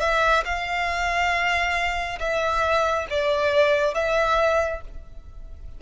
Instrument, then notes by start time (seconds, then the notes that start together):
violin
0.00 E5
0.45 F5
2.19 E5
3.10 D5
3.94 E5